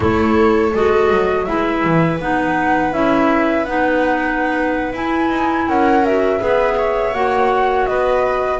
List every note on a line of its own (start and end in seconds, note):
0.00 0.73 A3
0.00 0.71 E4
0.00 1.46 A4
0.00 0.75 C#5
0.73 1.10 G#3
0.73 1.46 F#4
0.73 1.44 D#5
1.10 1.47 F#3
1.44 1.84 G#3
1.44 2.19 E4
1.44 5.67 B4
1.44 2.17 E5
1.84 2.19 E3
2.19 2.92 B3
2.19 2.92 D#4
2.19 2.93 F#5
2.92 3.64 C#4
2.92 3.65 E4
2.92 3.64 E5
3.64 4.93 B3
3.64 4.93 D#4
3.64 4.93 F#5
4.93 5.29 E4
4.93 6.03 E4
4.93 5.68 G#5
5.29 5.66 D#4
5.67 6.40 C#4
5.67 6.39 A#4
5.67 6.05 F#5
6.05 6.39 F#4
6.05 7.14 E5
6.39 7.13 B3
6.39 7.12 G#4
6.39 6.75 B4
6.77 7.87 C#5
7.13 7.86 A#3
7.13 8.59 F#4
7.13 7.86 F#5
7.86 8.59 B3
7.86 8.59 B4
7.86 8.59 D#5